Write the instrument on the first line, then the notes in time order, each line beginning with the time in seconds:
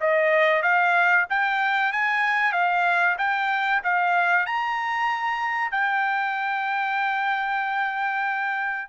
trumpet
0.00 D#5
0.62 F5
1.29 G5
1.92 G#5
2.52 F5
3.18 G5
3.83 F5
4.46 A#5
5.71 G5